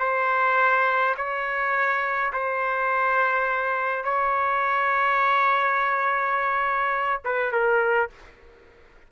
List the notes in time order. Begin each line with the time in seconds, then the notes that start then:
0.00 C5
1.17 C#5
2.33 C5
4.05 C#5
7.25 B4
7.53 A#4